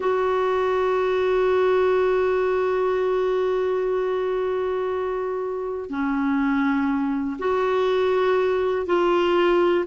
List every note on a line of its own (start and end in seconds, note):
0.00 5.89 F#4
5.89 7.37 C#4
7.39 8.86 F#4
8.86 9.85 F4